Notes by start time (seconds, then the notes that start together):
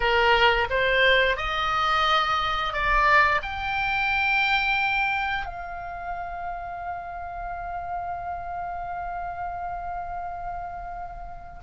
0.00 A#4
0.70 C5
1.36 D#5
2.73 D5
3.42 G5
5.45 F5